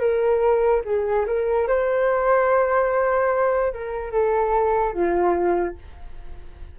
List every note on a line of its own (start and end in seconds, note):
0.00 0.82 A#4
0.85 1.26 G#4
1.27 1.68 A#4
1.68 3.74 C5
3.74 4.12 A#4
4.12 4.94 A4
4.94 5.76 F4